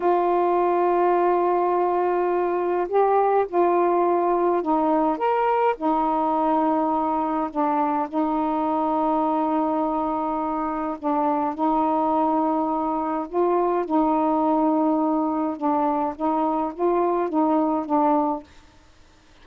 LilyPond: \new Staff \with { instrumentName = "saxophone" } { \time 4/4 \tempo 4 = 104 f'1~ | f'4 g'4 f'2 | dis'4 ais'4 dis'2~ | dis'4 d'4 dis'2~ |
dis'2. d'4 | dis'2. f'4 | dis'2. d'4 | dis'4 f'4 dis'4 d'4 | }